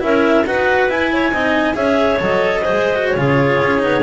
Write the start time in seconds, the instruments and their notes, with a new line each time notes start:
0.00 double bass C#4, cello E4, clarinet A#4 E5
0.45 double bass D#4, cello F#4, clarinet B4 F#5
0.89 cello E4, double bass E4, clarinet G#5
1.13 clarinet C#5
1.32 double bass C4, cello D#4, clarinet D#5
1.74 double bass C#4, cello G#4, clarinet C#5 E5
2.19 double bass F#3, cello A4, clarinet D#5
2.62 cello G#4, clarinet C5
2.72 double bass G#3
2.95 cello F#4
3.09 clarinet C#5
3.16 double bass C#3, cello F4, clarinet G#4
3.62 double bass C#4
3.79 double bass B3, cello D#4